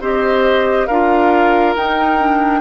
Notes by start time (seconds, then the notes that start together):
0.00 C4 G4 C5 D#5
0.86 D4 F4 A#4 F5
1.75 D#4 G5
2.20 D4